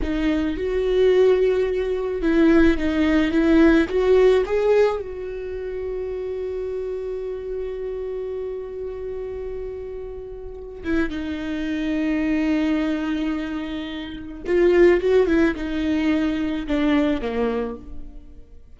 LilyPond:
\new Staff \with { instrumentName = "viola" } { \time 4/4 \tempo 4 = 108 dis'4 fis'2. | e'4 dis'4 e'4 fis'4 | gis'4 fis'2.~ | fis'1~ |
fis'2.~ fis'8 e'8 | dis'1~ | dis'2 f'4 fis'8 e'8 | dis'2 d'4 ais4 | }